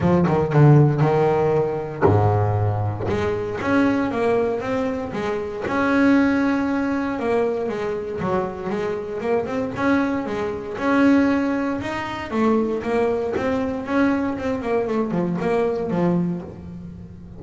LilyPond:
\new Staff \with { instrumentName = "double bass" } { \time 4/4 \tempo 4 = 117 f8 dis8 d4 dis2 | gis,2 gis4 cis'4 | ais4 c'4 gis4 cis'4~ | cis'2 ais4 gis4 |
fis4 gis4 ais8 c'8 cis'4 | gis4 cis'2 dis'4 | a4 ais4 c'4 cis'4 | c'8 ais8 a8 f8 ais4 f4 | }